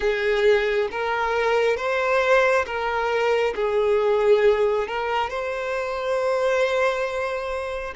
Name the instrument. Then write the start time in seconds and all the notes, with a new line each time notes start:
violin
0.00 G#4
0.91 A#4
1.76 C5
2.66 A#4
3.55 G#4
4.87 A#4
5.29 C5